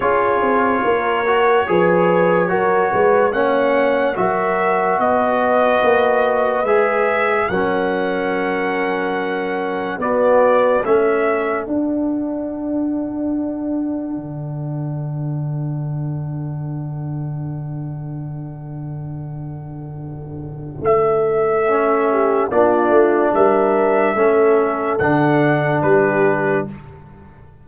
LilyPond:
<<
  \new Staff \with { instrumentName = "trumpet" } { \time 4/4 \tempo 4 = 72 cis''1 | fis''4 e''4 dis''2 | e''4 fis''2. | d''4 e''4 fis''2~ |
fis''1~ | fis''1~ | fis''4 e''2 d''4 | e''2 fis''4 b'4 | }
  \new Staff \with { instrumentName = "horn" } { \time 4/4 gis'4 ais'4 b'4 ais'8 b'8 | cis''4 ais'4 b'2~ | b'4 ais'2. | fis'4 a'2.~ |
a'1~ | a'1~ | a'2~ a'8 g'8 f'4 | ais'4 a'2 g'4 | }
  \new Staff \with { instrumentName = "trombone" } { \time 4/4 f'4. fis'8 gis'4 fis'4 | cis'4 fis'2. | gis'4 cis'2. | b4 cis'4 d'2~ |
d'1~ | d'1~ | d'2 cis'4 d'4~ | d'4 cis'4 d'2 | }
  \new Staff \with { instrumentName = "tuba" } { \time 4/4 cis'8 c'8 ais4 f4 fis8 gis8 | ais4 fis4 b4 ais4 | gis4 fis2. | b4 a4 d'2~ |
d'4 d2.~ | d1~ | d4 a2 ais8 a8 | g4 a4 d4 g4 | }
>>